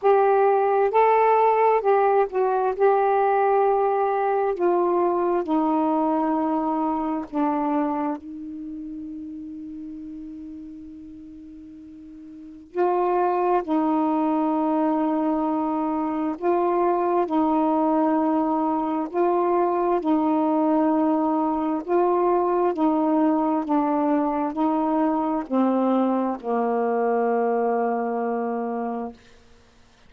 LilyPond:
\new Staff \with { instrumentName = "saxophone" } { \time 4/4 \tempo 4 = 66 g'4 a'4 g'8 fis'8 g'4~ | g'4 f'4 dis'2 | d'4 dis'2.~ | dis'2 f'4 dis'4~ |
dis'2 f'4 dis'4~ | dis'4 f'4 dis'2 | f'4 dis'4 d'4 dis'4 | c'4 ais2. | }